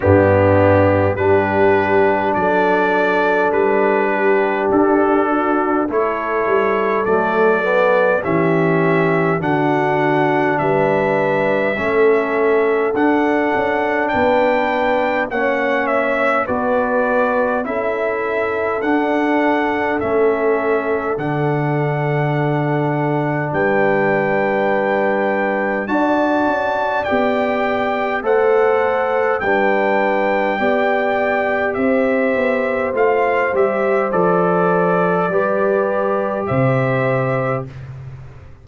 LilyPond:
<<
  \new Staff \with { instrumentName = "trumpet" } { \time 4/4 \tempo 4 = 51 g'4 b'4 d''4 b'4 | a'4 cis''4 d''4 e''4 | fis''4 e''2 fis''4 | g''4 fis''8 e''8 d''4 e''4 |
fis''4 e''4 fis''2 | g''2 a''4 g''4 | fis''4 g''2 e''4 | f''8 e''8 d''2 e''4 | }
  \new Staff \with { instrumentName = "horn" } { \time 4/4 d'4 g'4 a'4. g'8~ | g'8 fis'8 a'2 g'4 | fis'4 b'4 a'2 | b'4 cis''4 b'4 a'4~ |
a'1 | b'2 d''2 | c''4 b'4 d''4 c''4~ | c''2 b'4 c''4 | }
  \new Staff \with { instrumentName = "trombone" } { \time 4/4 b4 d'2.~ | d'4 e'4 a8 b8 cis'4 | d'2 cis'4 d'4~ | d'4 cis'4 fis'4 e'4 |
d'4 cis'4 d'2~ | d'2 fis'4 g'4 | a'4 d'4 g'2 | f'8 g'8 a'4 g'2 | }
  \new Staff \with { instrumentName = "tuba" } { \time 4/4 g,4 g4 fis4 g4 | d'4 a8 g8 fis4 e4 | d4 g4 a4 d'8 cis'8 | b4 ais4 b4 cis'4 |
d'4 a4 d2 | g2 d'8 cis'8 b4 | a4 g4 b4 c'8 b8 | a8 g8 f4 g4 c4 | }
>>